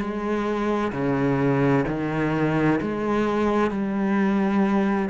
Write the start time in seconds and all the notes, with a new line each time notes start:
0.00 G#3
0.92 C#3
1.88 D#3
2.82 G#3
3.71 G3